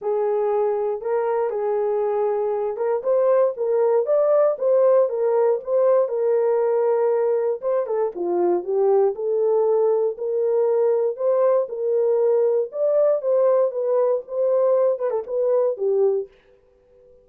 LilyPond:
\new Staff \with { instrumentName = "horn" } { \time 4/4 \tempo 4 = 118 gis'2 ais'4 gis'4~ | gis'4. ais'8 c''4 ais'4 | d''4 c''4 ais'4 c''4 | ais'2. c''8 a'8 |
f'4 g'4 a'2 | ais'2 c''4 ais'4~ | ais'4 d''4 c''4 b'4 | c''4. b'16 a'16 b'4 g'4 | }